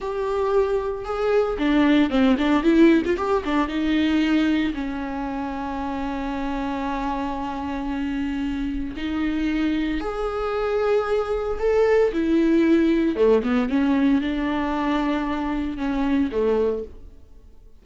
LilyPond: \new Staff \with { instrumentName = "viola" } { \time 4/4 \tempo 4 = 114 g'2 gis'4 d'4 | c'8 d'8 e'8. f'16 g'8 d'8 dis'4~ | dis'4 cis'2.~ | cis'1~ |
cis'4 dis'2 gis'4~ | gis'2 a'4 e'4~ | e'4 a8 b8 cis'4 d'4~ | d'2 cis'4 a4 | }